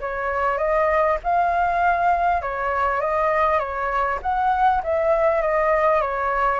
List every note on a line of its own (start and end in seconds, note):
0.00 0.57 C#5
0.57 1.17 D#5
1.23 2.41 F5
2.41 3.01 C#5
3.01 3.59 D#5
3.59 4.19 C#5
4.22 4.82 F#5
4.83 5.41 E5
5.41 6.01 D#5
6.01 6.60 C#5